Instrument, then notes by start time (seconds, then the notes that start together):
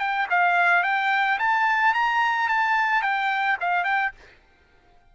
trumpet
0.00 G5
0.31 F5
0.84 G5
1.39 A5
1.94 A#5
2.49 A5
3.03 G5
3.61 F5
3.85 G5